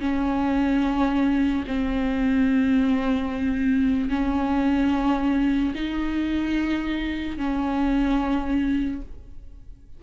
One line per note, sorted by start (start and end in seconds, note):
0.00 1.64 C#4
1.68 4.09 C4
4.09 5.74 C#4
5.75 7.37 D#4
7.37 9.02 C#4